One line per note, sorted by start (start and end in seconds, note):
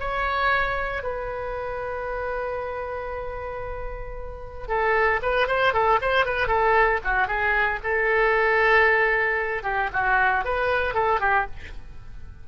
0.00 1.03 C#5
1.03 4.68 B4
4.68 5.20 A4
5.22 5.47 B4
5.47 5.73 C5
5.74 6.00 A4
6.01 6.26 C5
6.26 6.48 B4
6.48 7.00 A4
7.04 7.27 F#4
7.27 7.80 G#4
7.84 9.63 A4
9.63 9.89 G4
9.93 10.45 F#4
10.45 10.94 B4
10.94 11.20 A4
11.20 11.46 G4